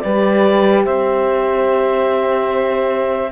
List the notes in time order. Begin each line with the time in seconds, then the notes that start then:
0.00 G3 G4 B4 D5
0.84 C4 C5 E5